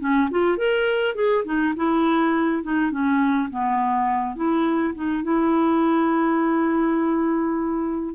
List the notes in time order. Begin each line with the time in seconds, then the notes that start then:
0.00 C#4
0.31 F4
0.58 A#4
1.15 G#4
1.45 D#4
1.76 E4
2.63 D#4
2.91 C#4
3.50 B3
4.36 E4
4.95 D#4
5.24 E4